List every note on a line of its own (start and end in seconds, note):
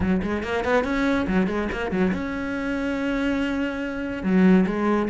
0.00 0.21 F#3
0.22 0.43 G#3
0.43 0.64 A#3
0.64 0.83 B3
0.83 1.26 C#4
1.27 1.47 F#3
1.47 1.68 G#3
1.72 1.91 A#3
1.91 2.12 F#3
2.13 4.23 C#4
4.23 4.65 F#3
4.66 5.09 G#3